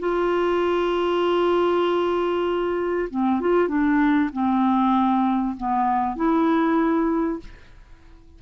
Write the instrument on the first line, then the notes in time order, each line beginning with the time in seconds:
clarinet
0.00 F4
3.11 C4
3.41 F4
3.69 D4
4.33 C4
5.57 B3
6.17 E4